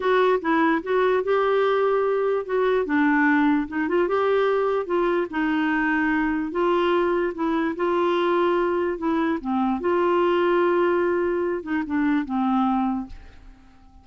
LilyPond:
\new Staff \with { instrumentName = "clarinet" } { \time 4/4 \tempo 4 = 147 fis'4 e'4 fis'4 g'4~ | g'2 fis'4 d'4~ | d'4 dis'8 f'8 g'2 | f'4 dis'2. |
f'2 e'4 f'4~ | f'2 e'4 c'4 | f'1~ | f'8 dis'8 d'4 c'2 | }